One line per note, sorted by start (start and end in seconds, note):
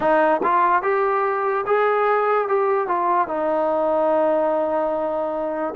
0.00 0.40 D#4
0.43 0.82 F4
0.82 1.64 G4
1.66 2.48 G#4
2.48 2.87 G4
2.87 3.27 F4
3.27 5.74 D#4